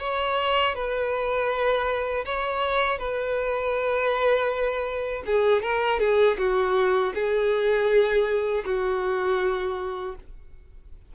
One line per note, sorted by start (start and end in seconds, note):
0.00 0.75 C#5
0.75 2.25 B4
2.25 2.98 C#5
2.98 5.23 B4
5.26 5.62 G#4
5.62 6.00 A#4
6.00 6.38 G#4
6.38 7.13 F#4
7.15 8.65 G#4
8.65 10.15 F#4